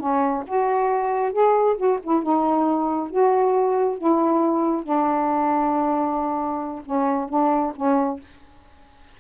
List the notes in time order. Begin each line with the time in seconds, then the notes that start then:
0.00 C#4
0.48 F#4
1.33 G#4
1.77 F#4
2.04 E4
2.23 D#4
3.11 F#4
3.98 E4
4.84 D4
6.85 C#4
7.29 D4
7.76 C#4